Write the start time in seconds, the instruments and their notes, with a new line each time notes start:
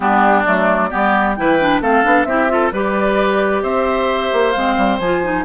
0.00 bassoon G3, clarinet B3, oboe D4, flute G4
0.43 bassoon F#3, clarinet A3, flute D5
0.89 bassoon G3, clarinet B3, oboe G4
1.34 bassoon E3, clarinet E4, oboe B4, flute G5
1.59 clarinet D4
1.80 bassoon A3, clarinet C4, oboe A4, flute F5
2.03 bassoon B3, clarinet D4
2.24 bassoon C4, clarinet E4, oboe G4, flute E5
2.49 clarinet F4, oboe A4
2.71 bassoon G3, clarinet G4, oboe B4, flute D5
3.62 bassoon C4, oboe C5, flute E5
4.32 bassoon A#3
4.51 bassoon G#3, clarinet C4, flute F5
4.77 bassoon G3
4.99 bassoon F3, clarinet F4, flute G#5
5.23 clarinet D#4